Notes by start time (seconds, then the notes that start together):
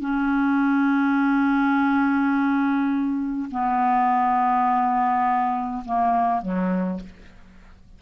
0.00 C#4
3.51 B3
5.85 A#3
6.42 F#3